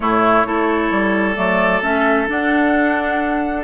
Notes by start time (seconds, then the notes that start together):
0.00 A2 A3 E4 C#5
0.45 A3 E4 A4
0.91 G3
1.35 F#3 A3 D5
1.82 A3 C#4 E5
2.27 D4 F#5